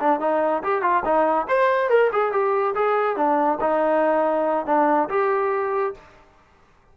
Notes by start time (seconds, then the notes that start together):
0.00 D4
0.20 D#4
0.63 G4
0.82 F4
1.05 D#4
1.49 C5
1.90 A#4
2.13 G#4
2.32 G4
2.75 G#4
3.17 D4
3.61 D#4
4.67 D4
5.09 G4